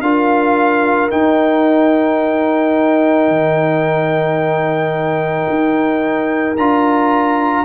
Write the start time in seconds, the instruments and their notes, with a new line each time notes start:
0.00 tuba D4, trombone F4, horn A#4, trumpet F5
1.10 trombone D#4, tuba D#4, trumpet G5
3.28 tuba D#3
5.49 tuba D#4
6.57 tuba D4, trombone F4, trumpet A#5